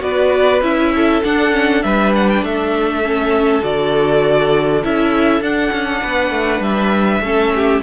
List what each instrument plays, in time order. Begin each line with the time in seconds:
0.00 cello B3, viola F#4, violin B4 D5
0.62 cello C#4, viola E4, violin E5
0.96 violin A4
1.24 viola D4, cello D4, violin F#5
1.51 viola C#4
1.83 cello G3, viola D4, violin B4 E5
2.15 violin F#5
2.29 violin G5
2.42 cello A3, violin A4 E5
3.04 viola C#4
3.62 cello D3, viola F#4, violin D5
4.84 cello C#4, viola E4, violin E5
5.41 cello D4, viola D4, violin F#5
5.72 cello C#4
6.02 cello B3, violin B4
6.31 cello A3
6.60 cello G3, violin E5
7.20 cello A3, viola C#4, violin A4
7.55 violin G4